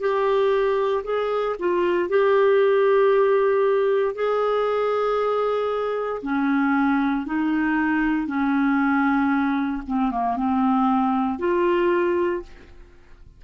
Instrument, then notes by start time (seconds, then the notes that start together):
clarinet
0.00 G4
1.04 G#4
1.59 F4
2.09 G4
4.15 G#4
6.23 C#4
7.26 D#4
8.27 C#4
9.87 C4
10.11 A#3
10.36 C4
11.39 F4